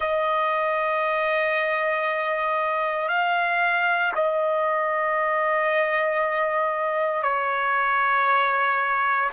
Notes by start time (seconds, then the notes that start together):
0.00 D#5
3.08 F5
4.15 D#5
7.22 C#5